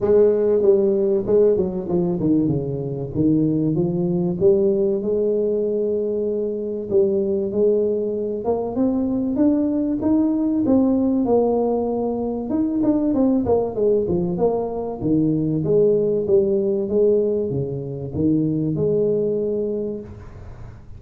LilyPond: \new Staff \with { instrumentName = "tuba" } { \time 4/4 \tempo 4 = 96 gis4 g4 gis8 fis8 f8 dis8 | cis4 dis4 f4 g4 | gis2. g4 | gis4. ais8 c'4 d'4 |
dis'4 c'4 ais2 | dis'8 d'8 c'8 ais8 gis8 f8 ais4 | dis4 gis4 g4 gis4 | cis4 dis4 gis2 | }